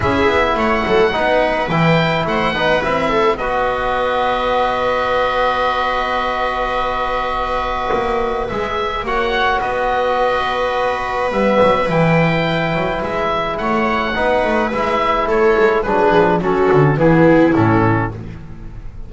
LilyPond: <<
  \new Staff \with { instrumentName = "oboe" } { \time 4/4 \tempo 4 = 106 e''4 fis''2 g''4 | fis''4 e''4 dis''2~ | dis''1~ | dis''2. e''4 |
fis''4 dis''2. | e''4 g''2 e''4 | fis''2 e''4 cis''4 | b'4 a'4 gis'4 a'4 | }
  \new Staff \with { instrumentName = "viola" } { \time 4/4 gis'4 cis''8 a'8 b'2 | c''8 b'4 a'8 b'2~ | b'1~ | b'1 |
cis''4 b'2.~ | b'1 | cis''4 b'2 a'4 | gis'4 fis'4 e'2 | }
  \new Staff \with { instrumentName = "trombone" } { \time 4/4 e'2 dis'4 e'4~ | e'8 dis'8 e'4 fis'2~ | fis'1~ | fis'2. gis'4 |
fis'1 | b4 e'2.~ | e'4 dis'4 e'2 | d'4 cis'4 b4 cis'4 | }
  \new Staff \with { instrumentName = "double bass" } { \time 4/4 cis'8 b8 a8 fis8 b4 e4 | a8 b8 c'4 b2~ | b1~ | b2 ais4 gis4 |
ais4 b2. | g8 fis8 e4. fis8 gis4 | a4 b8 a8 gis4 a8 gis8 | fis8 f8 fis8 d8 e4 a,4 | }
>>